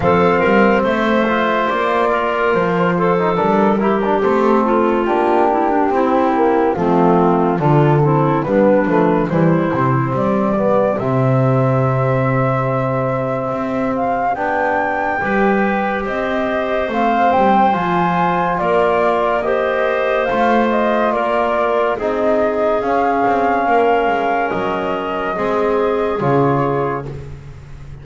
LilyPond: <<
  \new Staff \with { instrumentName = "flute" } { \time 4/4 \tempo 4 = 71 f''4 e''4 d''4 c''4 | ais'4 a'4 g'2 | f'4 a'4 b'4 c''4 | d''4 e''2.~ |
e''8 f''8 g''2 dis''4 | f''8 g''8 gis''4 d''4 dis''4 | f''8 dis''8 d''4 dis''4 f''4~ | f''4 dis''2 cis''4 | }
  \new Staff \with { instrumentName = "clarinet" } { \time 4/4 a'8 ais'8 c''4. ais'4 a'8~ | a'8 g'4 f'4 e'16 d'16 e'4 | c'4 f'8 e'8 d'4 e'4 | g'1~ |
g'2 b'4 c''4~ | c''2 ais'4 c''4~ | c''4 ais'4 gis'2 | ais'2 gis'2 | }
  \new Staff \with { instrumentName = "trombone" } { \time 4/4 c'4. f'2~ f'16 dis'16 | d'8 e'16 d'16 c'4 d'4 c'8 ais8 | a4 d'8 c'8 b8 a8 g8 c'8~ | c'8 b8 c'2.~ |
c'4 d'4 g'2 | c'4 f'2 g'4 | f'2 dis'4 cis'4~ | cis'2 c'4 f'4 | }
  \new Staff \with { instrumentName = "double bass" } { \time 4/4 f8 g8 a4 ais4 f4 | g4 a4 ais4 c'4 | f4 d4 g8 f8 e8 c8 | g4 c2. |
c'4 b4 g4 c'4 | a8 g8 f4 ais2 | a4 ais4 c'4 cis'8 c'8 | ais8 gis8 fis4 gis4 cis4 | }
>>